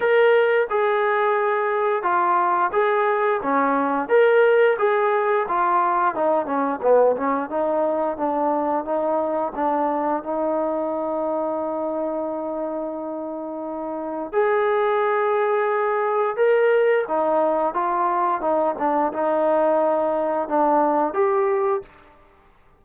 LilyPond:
\new Staff \with { instrumentName = "trombone" } { \time 4/4 \tempo 4 = 88 ais'4 gis'2 f'4 | gis'4 cis'4 ais'4 gis'4 | f'4 dis'8 cis'8 b8 cis'8 dis'4 | d'4 dis'4 d'4 dis'4~ |
dis'1~ | dis'4 gis'2. | ais'4 dis'4 f'4 dis'8 d'8 | dis'2 d'4 g'4 | }